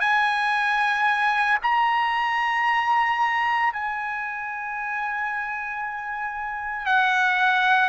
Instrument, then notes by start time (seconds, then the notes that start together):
trumpet
0.00 G#5
1.63 A#5
3.73 G#5
6.86 F#5